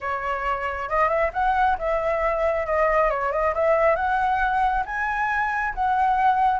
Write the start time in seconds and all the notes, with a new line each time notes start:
0.01 C#5
0.89 D#5
1.08 E5
1.33 F#5
1.78 E5
2.66 D#5
3.09 C#5
3.32 D#5
3.54 E5
3.95 F#5
4.85 G#5
5.74 F#5